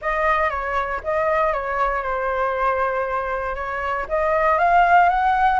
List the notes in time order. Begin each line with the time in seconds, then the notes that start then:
0.01 D#5
0.49 C#5
1.03 D#5
1.53 C#5
2.02 C5
3.55 C#5
4.08 D#5
4.58 F5
5.09 F#5